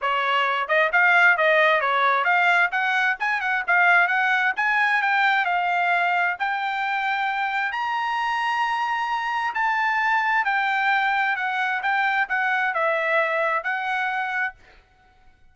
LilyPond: \new Staff \with { instrumentName = "trumpet" } { \time 4/4 \tempo 4 = 132 cis''4. dis''8 f''4 dis''4 | cis''4 f''4 fis''4 gis''8 fis''8 | f''4 fis''4 gis''4 g''4 | f''2 g''2~ |
g''4 ais''2.~ | ais''4 a''2 g''4~ | g''4 fis''4 g''4 fis''4 | e''2 fis''2 | }